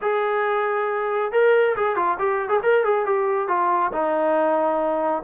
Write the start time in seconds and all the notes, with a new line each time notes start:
0.01 G#4
1.32 A#4
1.76 G#4
1.96 F4
2.19 G4
2.48 G#4
2.63 A#4
2.84 G#4
3.05 G4
3.48 F4
3.92 D#4